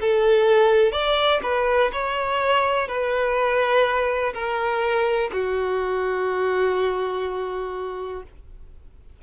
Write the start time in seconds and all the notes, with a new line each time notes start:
0.00 A4
0.91 D5
1.43 B4
1.92 C#5
2.88 B4
4.33 A#4
5.32 F#4